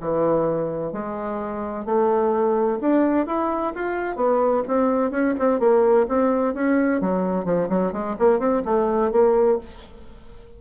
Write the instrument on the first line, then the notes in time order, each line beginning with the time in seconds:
bassoon
0.00 E3
0.92 G#3
1.85 A3
2.81 D4
3.26 E4
3.74 F4
4.16 B3
4.67 C4
5.11 C#4
5.39 C4
5.59 A#3
6.08 C4
6.54 C#4
7.01 F#3
7.45 F3
7.69 F#3
7.92 G#3
8.18 A#3
8.39 C4
8.65 A3
9.11 A#3